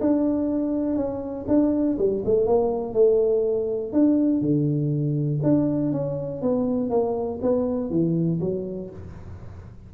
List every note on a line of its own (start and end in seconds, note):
0.00 0.96 D4
0.96 1.45 C#4
1.48 1.97 D4
1.98 2.23 G3
2.25 2.46 A3
2.46 2.93 A#3
2.93 3.92 A3
3.92 4.41 D4
4.41 5.40 D3
5.43 5.92 D4
5.92 6.41 C#4
6.41 6.90 B3
6.90 7.39 A#3
7.42 7.90 B3
7.90 8.39 E3
8.40 8.89 F#3